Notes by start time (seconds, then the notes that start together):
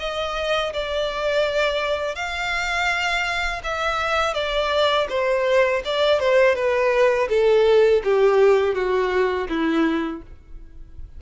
0.00 D#5
0.74 D5
2.16 F5
3.64 E5
4.34 D5
5.10 C5
5.85 D5
6.20 C5
6.56 B4
7.30 A4
8.05 G4
8.75 F#4
9.49 E4